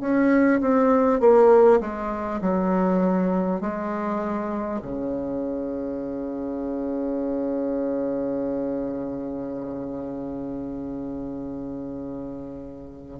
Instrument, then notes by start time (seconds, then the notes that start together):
bassoon
0.00 C#4
0.60 C4
1.20 A#3
1.80 G#3
2.41 F#3
3.61 G#3
4.82 C#3